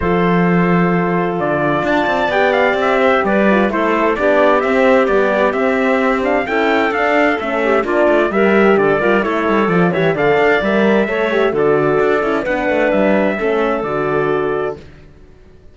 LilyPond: <<
  \new Staff \with { instrumentName = "trumpet" } { \time 4/4 \tempo 4 = 130 c''2. d''4 | a''4 g''8 f''8 e''4 d''4 | c''4 d''4 e''4 d''4 | e''4. f''8 g''4 f''4 |
e''4 d''4 e''4 d''4 | cis''4 d''8 e''8 f''4 e''4~ | e''4 d''2 fis''4 | e''2 d''2 | }
  \new Staff \with { instrumentName = "clarinet" } { \time 4/4 a'1 | d''2~ d''8 c''8 b'4 | a'4 g'2.~ | g'2 a'2~ |
a'8 g'8 f'4 ais'4 a'8 ais'8 | a'4. cis''8 d''2 | cis''4 a'2 b'4~ | b'4 a'2. | }
  \new Staff \with { instrumentName = "horn" } { \time 4/4 f'1~ | f'4 g'2~ g'8 f'8 | e'4 d'4 c'4 g4 | c'4. d'8 e'4 d'4 |
cis'4 d'4 g'4. f'8 | e'4 f'8 g'8 a'4 ais'4 | a'8 g'8 fis'4. e'8 d'4~ | d'4 cis'4 fis'2 | }
  \new Staff \with { instrumentName = "cello" } { \time 4/4 f2. d4 | d'8 c'8 b4 c'4 g4 | a4 b4 c'4 b4 | c'2 cis'4 d'4 |
a4 ais8 a8 g4 d8 g8 | a8 g8 f8 e8 d8 d'8 g4 | a4 d4 d'8 cis'8 b8 a8 | g4 a4 d2 | }
>>